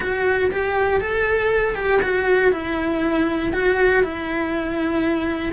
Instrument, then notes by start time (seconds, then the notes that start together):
cello
0.00 F#4
0.51 G4
1.01 A4
1.75 G4
2.01 F#4
2.52 E4
3.52 F#4
4.03 E4